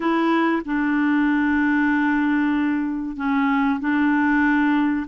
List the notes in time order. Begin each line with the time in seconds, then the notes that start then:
0.00 E4
0.65 D4
3.16 C#4
3.80 D4